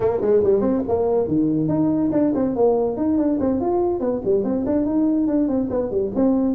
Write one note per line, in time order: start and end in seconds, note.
0.00 0.20 A#3
0.21 0.42 G#3
0.43 0.61 G3
0.61 0.82 C4
0.88 1.27 A#3
1.27 1.68 D#3
1.68 2.10 D#4
2.12 2.33 D4
2.35 2.55 C4
2.55 2.97 A#3
2.97 3.17 D#4
3.17 3.38 D4
3.39 3.60 C4
3.60 4.00 F4
4.00 4.21 B3
4.24 4.44 G3
4.44 4.65 C4
4.66 4.85 D4
4.85 5.27 D#4
5.27 5.48 D4
5.48 5.69 C4
5.70 5.90 B3
5.90 6.11 G3
6.15 6.54 C4